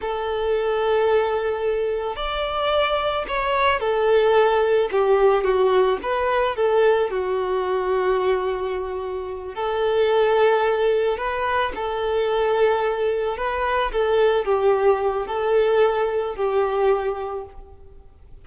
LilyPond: \new Staff \with { instrumentName = "violin" } { \time 4/4 \tempo 4 = 110 a'1 | d''2 cis''4 a'4~ | a'4 g'4 fis'4 b'4 | a'4 fis'2.~ |
fis'4. a'2~ a'8~ | a'8 b'4 a'2~ a'8~ | a'8 b'4 a'4 g'4. | a'2 g'2 | }